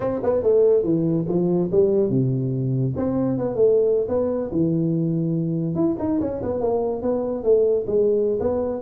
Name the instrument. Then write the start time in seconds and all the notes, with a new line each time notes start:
tuba
0.00 C4
0.23 B3
0.43 A3
0.83 E3
1.28 F3
1.71 G3
2.09 C3
2.96 C4
3.38 B3
3.55 A3
4.08 B3
4.51 E3
5.75 E4
5.99 D#4
6.20 C#4
6.42 B3
6.60 A#3
7.01 B3
7.43 A3
7.86 G#3
8.39 B3